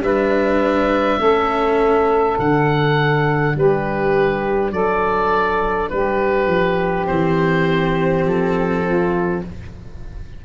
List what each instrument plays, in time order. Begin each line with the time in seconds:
0.00 tuba G3, cello D4, saxophone B4, oboe E5
1.19 tuba A3, cello C#4, saxophone A4
2.38 tuba D3, cello D4, oboe F#5
3.55 tuba G3, saxophone G4, oboe B4
4.72 tuba F#3, saxophone A4, oboe D5
5.90 tuba G3, saxophone G4, oboe B4
6.47 tuba F3
7.07 tuba E3, cello C4, oboe C5
8.26 tuba F3, oboe A4
8.86 saxophone F4